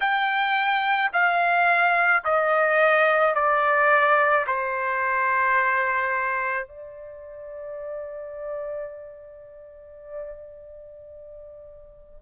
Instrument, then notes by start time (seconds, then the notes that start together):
trumpet
0.00 G5
1.12 F5
2.24 D#5
3.34 D5
4.46 C5
6.67 D5